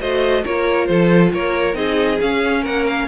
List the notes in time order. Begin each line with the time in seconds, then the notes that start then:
0.00 A3 F#4 C5 D#5
0.45 A#3 F4 A#4 C#5
0.87 F3 A4 C5
1.34 A#3 A#4 C#5
1.74 C4 D#4 G#4 D#5
2.21 C#4 F5
2.62 A#3 A#4 F#5
2.87 F5